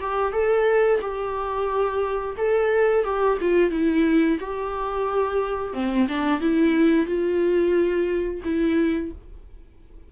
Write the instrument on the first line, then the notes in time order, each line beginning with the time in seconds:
viola
0.00 G4
0.32 A4
1.01 G4
2.37 A4
3.04 G4
3.41 F4
3.71 E4
4.40 G4
5.73 C4
6.08 D4
6.40 E4
7.06 F4
8.44 E4